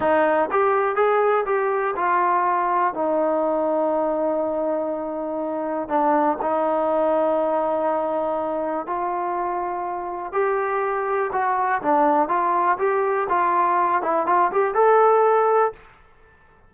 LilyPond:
\new Staff \with { instrumentName = "trombone" } { \time 4/4 \tempo 4 = 122 dis'4 g'4 gis'4 g'4 | f'2 dis'2~ | dis'1 | d'4 dis'2.~ |
dis'2 f'2~ | f'4 g'2 fis'4 | d'4 f'4 g'4 f'4~ | f'8 e'8 f'8 g'8 a'2 | }